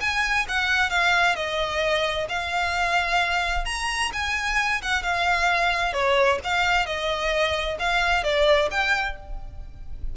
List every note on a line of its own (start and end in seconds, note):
0.00 0.46 G#5
0.48 0.90 F#5
0.90 1.35 F5
1.35 2.27 D#5
2.29 3.65 F5
3.65 4.11 A#5
4.12 4.81 G#5
4.82 5.03 F#5
5.03 5.93 F5
5.93 6.39 C#5
6.44 6.86 F5
6.86 7.78 D#5
7.79 8.23 F5
8.23 8.69 D5
8.70 9.16 G5